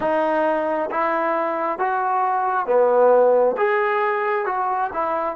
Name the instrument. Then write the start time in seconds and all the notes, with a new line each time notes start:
trombone
0.00 D#4
0.90 E4
1.79 F#4
2.66 B3
3.57 G#4
4.45 F#4
4.93 E4